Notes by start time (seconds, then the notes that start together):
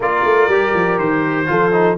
0.00 A#3 F4 A#4 D5
0.23 A3
0.47 G3 G4
0.74 F3
0.98 D#3 C5
1.46 F3 F4 A4
1.72 D#4